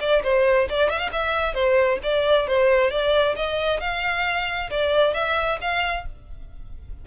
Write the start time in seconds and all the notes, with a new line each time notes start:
0.00 D5
0.23 C5
0.69 D5
0.90 E5
0.98 F5
1.12 E5
1.54 C5
2.03 D5
2.47 C5
2.90 D5
3.35 D#5
3.80 F5
4.70 D5
5.14 E5
5.61 F5